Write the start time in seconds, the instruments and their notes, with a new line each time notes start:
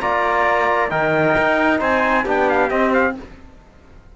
0.00 cello A#3, trombone F4, trumpet D5 A#5
0.90 cello D#3, trombone D#4, trumpet A#4 G5
1.37 cello D#4
1.79 cello C4, trumpet C5 G#5
2.24 cello B3, trombone D4, trumpet G4 G5
2.49 trumpet F5
2.70 trombone C4, cello C4, trumpet D#5
2.93 trumpet F5